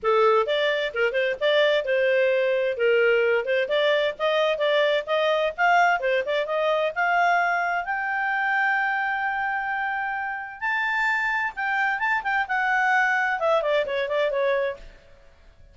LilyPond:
\new Staff \with { instrumentName = "clarinet" } { \time 4/4 \tempo 4 = 130 a'4 d''4 ais'8 c''8 d''4 | c''2 ais'4. c''8 | d''4 dis''4 d''4 dis''4 | f''4 c''8 d''8 dis''4 f''4~ |
f''4 g''2.~ | g''2. a''4~ | a''4 g''4 a''8 g''8 fis''4~ | fis''4 e''8 d''8 cis''8 d''8 cis''4 | }